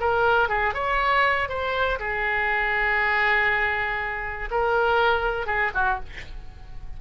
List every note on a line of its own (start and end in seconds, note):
0.00 0.49 A#4
0.49 0.74 G#4
0.74 1.49 C#5
1.49 1.99 C5
2.00 4.50 G#4
4.51 5.46 A#4
5.46 5.71 G#4
5.75 6.00 F#4